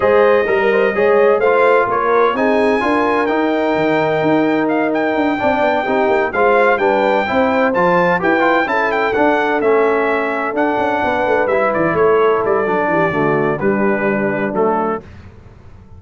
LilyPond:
<<
  \new Staff \with { instrumentName = "trumpet" } { \time 4/4 \tempo 4 = 128 dis''2. f''4 | cis''4 gis''2 g''4~ | g''2 f''8 g''4.~ | g''4. f''4 g''4.~ |
g''8 a''4 g''4 a''8 g''8 fis''8~ | fis''8 e''2 fis''4.~ | fis''8 e''8 d''8 cis''4 d''4.~ | d''4 b'2 a'4 | }
  \new Staff \with { instrumentName = "horn" } { \time 4/4 c''4 ais'8 c''8 cis''4 c''4 | ais'4 gis'4 ais'2~ | ais'2.~ ais'8 d''8~ | d''8 g'4 c''4 b'4 c''8~ |
c''4. b'4 a'4.~ | a'2.~ a'8 b'8~ | b'4. a'2 g'8 | fis'4 d'2. | }
  \new Staff \with { instrumentName = "trombone" } { \time 4/4 gis'4 ais'4 gis'4 f'4~ | f'4 dis'4 f'4 dis'4~ | dis'2.~ dis'8 d'8~ | d'8 dis'4 f'4 d'4 e'8~ |
e'8 f'4 g'8 f'8 e'4 d'8~ | d'8 cis'2 d'4.~ | d'8 e'2~ e'8 d'4 | a4 g2 a4 | }
  \new Staff \with { instrumentName = "tuba" } { \time 4/4 gis4 g4 gis4 a4 | ais4 c'4 d'4 dis'4 | dis4 dis'2 d'8 c'8 | b8 c'8 ais8 gis4 g4 c'8~ |
c'8 f4 e'4 cis'4 d'8~ | d'8 a2 d'8 cis'8 b8 | a8 g8 e8 a4 g8 fis8 e8 | d4 g2 fis4 | }
>>